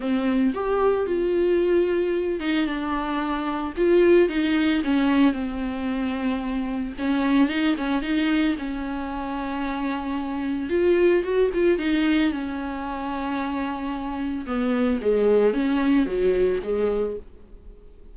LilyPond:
\new Staff \with { instrumentName = "viola" } { \time 4/4 \tempo 4 = 112 c'4 g'4 f'2~ | f'8 dis'8 d'2 f'4 | dis'4 cis'4 c'2~ | c'4 cis'4 dis'8 cis'8 dis'4 |
cis'1 | f'4 fis'8 f'8 dis'4 cis'4~ | cis'2. b4 | gis4 cis'4 fis4 gis4 | }